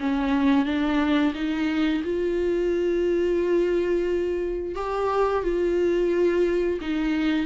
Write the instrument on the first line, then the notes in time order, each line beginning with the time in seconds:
viola
0.00 C#4
0.65 D4
1.35 D#4
2.04 F4
4.75 G4
5.43 F4
6.81 D#4